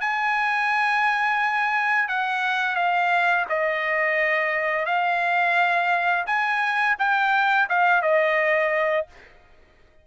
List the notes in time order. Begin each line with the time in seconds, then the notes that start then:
0.00 G#5
2.08 F#5
2.75 F5
3.49 D#5
4.86 F5
6.26 G#5
6.98 G5
7.69 F5
8.02 D#5